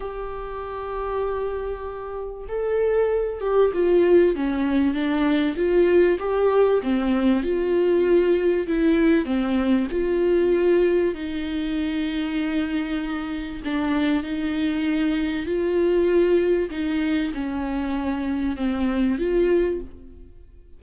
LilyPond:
\new Staff \with { instrumentName = "viola" } { \time 4/4 \tempo 4 = 97 g'1 | a'4. g'8 f'4 cis'4 | d'4 f'4 g'4 c'4 | f'2 e'4 c'4 |
f'2 dis'2~ | dis'2 d'4 dis'4~ | dis'4 f'2 dis'4 | cis'2 c'4 f'4 | }